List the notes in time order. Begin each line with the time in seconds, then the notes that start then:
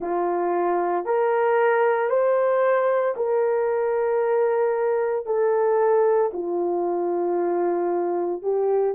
0.00 F4
1.05 A#4
2.09 C5
3.16 A#4
5.26 A4
6.33 F4
8.42 G4